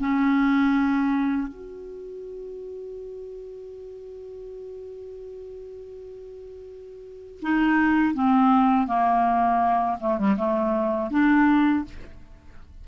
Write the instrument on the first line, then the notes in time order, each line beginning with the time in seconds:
clarinet
0.00 C#4
1.48 F#4
7.42 D#4
8.14 C4
8.87 A#3
10.01 A3
10.19 G3
10.38 A3
11.11 D4